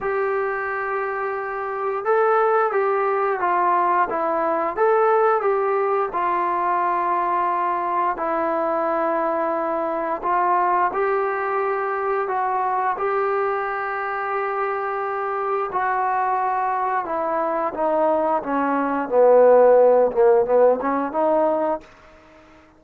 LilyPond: \new Staff \with { instrumentName = "trombone" } { \time 4/4 \tempo 4 = 88 g'2. a'4 | g'4 f'4 e'4 a'4 | g'4 f'2. | e'2. f'4 |
g'2 fis'4 g'4~ | g'2. fis'4~ | fis'4 e'4 dis'4 cis'4 | b4. ais8 b8 cis'8 dis'4 | }